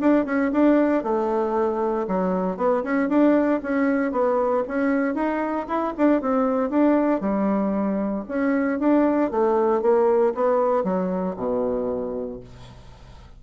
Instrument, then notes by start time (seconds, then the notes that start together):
bassoon
0.00 D4
0.25 C#4
0.52 D4
1.03 A3
2.07 F#3
2.57 B3
2.83 C#4
3.09 D4
3.62 C#4
4.12 B3
4.68 C#4
5.15 D#4
5.68 E4
5.97 D4
6.21 C4
6.70 D4
7.21 G3
8.28 C#4
8.80 D4
9.31 A3
9.82 A#3
10.34 B3
10.84 F#3
11.37 B2